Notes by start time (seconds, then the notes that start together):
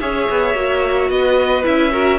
0.00 C#4 G#4 C#5 E5
0.29 B3
0.54 A#3 F#4
1.09 B3 B4 D#5
1.63 C#4 E4 E5
1.91 F#4 A#4